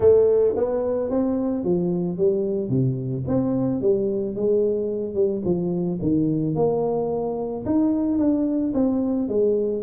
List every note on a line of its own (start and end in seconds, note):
0.00 0.54 A3
0.56 1.10 B3
1.10 1.64 C4
1.64 2.17 F3
2.17 2.69 G3
2.69 3.24 C3
3.27 3.81 C4
3.81 4.35 G3
4.35 5.14 G#3
5.14 5.41 G3
5.44 5.99 F3
6.01 6.55 D#3
6.55 7.64 A#3
7.65 8.18 D#4
8.18 8.73 D4
8.73 9.28 C4
9.28 9.83 G#3